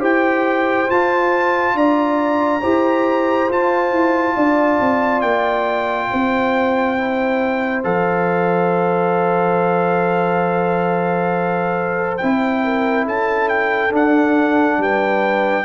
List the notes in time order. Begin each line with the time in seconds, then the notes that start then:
0.00 E4 G4 C5 G5
0.87 F4 A5
1.75 D4 D5 A#5
2.61 E4 G4 C5
3.49 F4 A5
3.92 E4
4.36 D4 D5
4.80 C4
5.21 A#3 G5
6.11 C4 C5
6.98 E4
7.84 F3 A4 F5
12.18 C4 E4 G5
12.64 A#4
13.05 C#4 A4 A5
13.49 G5
13.91 D4 F#5
14.78 G3 B4 G5